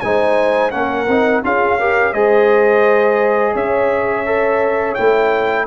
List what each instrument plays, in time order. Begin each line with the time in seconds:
0.00 tuba G#3, trombone D#4, horn C5, trumpet G#5
0.71 tuba A#3, trombone C#4, horn A#4, trumpet F#5
1.08 tuba C4, trombone D#4
1.44 tuba C#4, trombone F4, horn G#4, trumpet F5
1.79 trombone G4, horn A#4
2.13 tuba G#3, trombone G#4, horn C5, trumpet D#5
3.54 tuba C#4, horn C#5, trumpet E5
4.26 trombone A4
4.95 tuba A3, trombone E4, trumpet G5